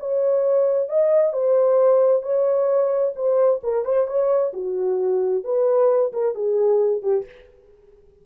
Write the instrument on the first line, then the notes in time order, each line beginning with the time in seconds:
horn
0.00 C#5
0.89 D#5
1.33 C5
2.23 C#5
3.16 C5
3.64 A#4
3.85 C5
4.08 C#5
4.54 F#4
5.45 B4
6.13 A#4
6.35 G#4
7.03 G4